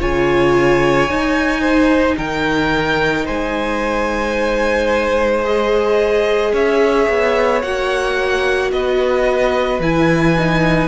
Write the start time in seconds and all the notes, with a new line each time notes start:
0.00 C#3 F4 C#5 G#5
1.10 D#4
1.61 C5
2.17 D#3 A#4 G5
3.25 G#3 C5 G#5
5.43 G#4 D#5
6.53 C#4 C#5 E5
7.09 B3
7.62 A#3 F#4 F#5
8.72 B3 B4 D#5
9.80 E3 E4 G#5
10.38 D#4